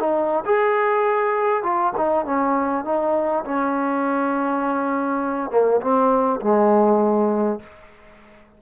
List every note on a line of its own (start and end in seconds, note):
0.00 0.45 D#4
0.46 1.63 G#4
1.63 1.93 F4
1.97 2.25 D#4
2.25 2.85 C#4
2.85 3.45 D#4
3.45 5.51 C#4
5.51 5.81 A#3
5.81 6.41 C4
6.41 7.60 G#3